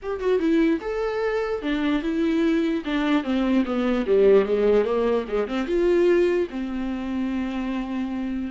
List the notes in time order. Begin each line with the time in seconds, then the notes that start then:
0.02 G4
0.20 F#4
0.39 E4
0.81 A4
1.62 D4
2.02 E4
2.84 D4
3.23 C4
3.65 B3
4.06 G3
4.45 G#3
4.84 A#3
5.28 G#3
5.47 C4
5.66 F4
6.49 C4